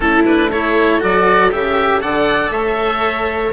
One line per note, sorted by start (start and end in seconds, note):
0.00 1.01 A3
0.00 0.24 C#4
0.00 0.50 E4
0.00 0.22 A4
0.25 0.51 D4
0.25 0.50 B4
0.50 0.99 E4
0.50 2.01 A4
0.50 1.01 C#5
0.99 1.53 F#3
0.99 1.50 F#4
0.99 1.52 D5
1.51 2.02 C#3
1.51 2.00 G4
1.51 2.01 E5
2.00 2.50 D3
2.00 3.51 A4
2.00 2.51 D5
2.00 2.51 F#5
2.50 3.51 A3
2.50 3.52 C#5
2.50 3.52 E5